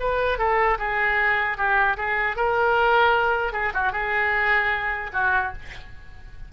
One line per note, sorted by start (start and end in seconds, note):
0.00 0.39 B4
0.39 0.78 A4
0.79 1.58 G#4
1.58 1.97 G4
1.97 2.36 G#4
2.36 3.53 A#4
3.53 3.72 G#4
3.74 3.92 F#4
3.92 5.11 G#4
5.13 5.53 F#4